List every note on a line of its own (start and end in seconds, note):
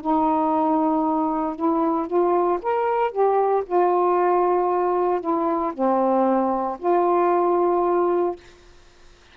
0.00 1.56 D#4
1.56 2.07 E4
2.07 2.59 F4
2.62 3.11 A#4
3.11 3.63 G4
3.66 5.20 F4
5.20 5.72 E4
5.73 6.77 C4
6.79 8.35 F4